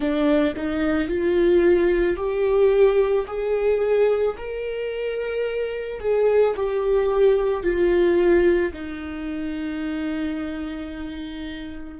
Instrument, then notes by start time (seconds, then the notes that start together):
viola
0.00 D4
0.56 D#4
1.08 F4
2.16 G4
3.27 G#4
4.37 A#4
6.00 G#4
6.56 G4
7.63 F4
8.73 D#4